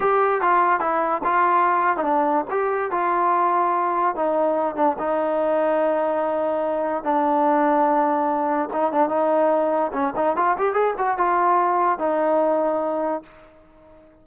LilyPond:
\new Staff \with { instrumentName = "trombone" } { \time 4/4 \tempo 4 = 145 g'4 f'4 e'4 f'4~ | f'8. dis'16 d'4 g'4 f'4~ | f'2 dis'4. d'8 | dis'1~ |
dis'4 d'2.~ | d'4 dis'8 d'8 dis'2 | cis'8 dis'8 f'8 g'8 gis'8 fis'8 f'4~ | f'4 dis'2. | }